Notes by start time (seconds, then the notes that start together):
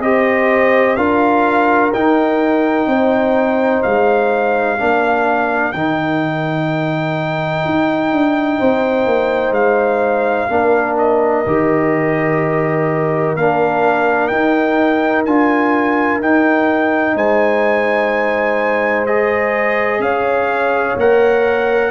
0.00 C4 G4 C5 D#5
0.96 D4 F4 A#4 F5
1.93 D#4 G5
2.87 C4 C5
3.83 G#3 F5
4.78 A#3 D4 A#4
5.72 D#3 D#4 G5
7.65 D#4
8.12 D4
8.59 C4 C5
9.06 A#3
9.51 G#3 F5
10.50 A#3 D4 A#4
10.98 D#5
11.47 D#3 G4
13.36 A#3 D4 F5
14.28 D#4 G5
15.26 D4 F4 G#5
16.20 D#4 G5
17.15 G#3 C5 G#5
19.06 G#4 D#5
19.99 C#4 C#5 F5
20.96 A#3 A#4 F#5